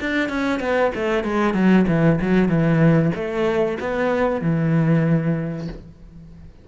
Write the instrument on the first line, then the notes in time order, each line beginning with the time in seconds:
cello
0.00 D4
0.29 C#4
0.59 B3
0.94 A3
1.23 G#3
1.54 F#3
1.87 E3
2.21 F#3
2.48 E3
3.15 A3
3.80 B3
4.41 E3